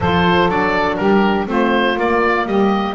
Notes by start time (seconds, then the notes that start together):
0.00 F3 F4 A4 C5
0.48 F#3 D4 D5
0.95 G3 G4 A#4
1.46 A3 C4 F4 C5
1.96 A#3 D5
2.46 G3 G4 D#5